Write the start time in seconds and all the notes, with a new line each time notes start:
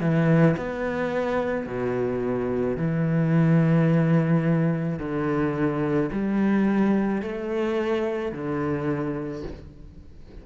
0.00 E3
0.57 B3
1.66 B2
2.77 E3
4.99 D3
6.12 G3
7.22 A3
8.32 D3